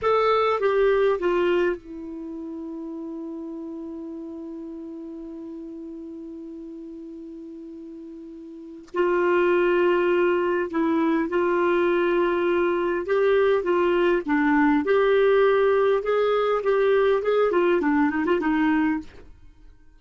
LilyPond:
\new Staff \with { instrumentName = "clarinet" } { \time 4/4 \tempo 4 = 101 a'4 g'4 f'4 e'4~ | e'1~ | e'1~ | e'2. f'4~ |
f'2 e'4 f'4~ | f'2 g'4 f'4 | d'4 g'2 gis'4 | g'4 gis'8 f'8 d'8 dis'16 f'16 dis'4 | }